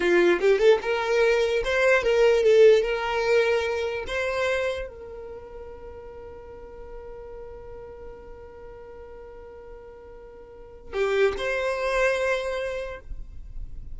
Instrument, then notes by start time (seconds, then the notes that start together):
violin
0.00 F4
0.40 G4
0.58 A4
0.82 A#4
1.64 C5
2.02 A#4
2.43 A4
2.82 A#4
4.07 C5
4.88 A#4
10.93 G4
11.37 C5